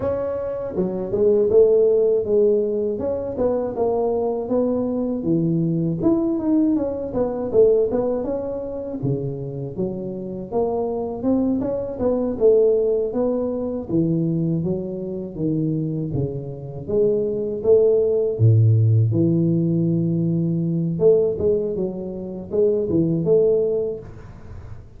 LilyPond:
\new Staff \with { instrumentName = "tuba" } { \time 4/4 \tempo 4 = 80 cis'4 fis8 gis8 a4 gis4 | cis'8 b8 ais4 b4 e4 | e'8 dis'8 cis'8 b8 a8 b8 cis'4 | cis4 fis4 ais4 c'8 cis'8 |
b8 a4 b4 e4 fis8~ | fis8 dis4 cis4 gis4 a8~ | a8 a,4 e2~ e8 | a8 gis8 fis4 gis8 e8 a4 | }